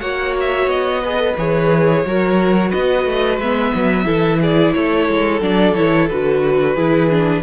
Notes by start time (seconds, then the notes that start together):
0.00 A#3 F#4 C#5 F#5
0.40 E5
0.66 B3 D#5
1.02 G#4 B4
1.17 A4
1.37 E3 G#4 C#5
2.04 F#3 F#4 A#4
2.69 B3 B4 D#5
3.05 A3
3.38 G#3 B3 E5
3.74 F#3
4.04 E3 E4 A4
4.40 G#4 D5
4.73 A3 A4 C#5
5.08 G#3
5.40 F#3 D4 D5
5.74 E3 E4 C#5
6.08 D3 F#4 B4
6.74 E3 E4 G#4
7.10 D4